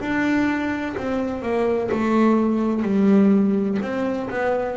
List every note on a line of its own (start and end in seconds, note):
0.00 0.95 D4
0.97 1.42 C4
1.42 1.90 A#3
1.91 2.82 A3
2.82 3.77 G3
3.81 4.29 C4
4.29 4.77 B3